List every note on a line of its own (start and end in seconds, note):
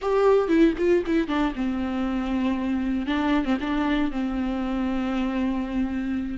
0.01 0.48 G4
0.48 0.73 E4
0.78 1.03 F4
1.06 1.27 E4
1.27 1.53 D4
1.55 3.06 C4
3.06 3.44 D4
3.44 3.57 C4
3.60 4.11 D4
4.11 6.38 C4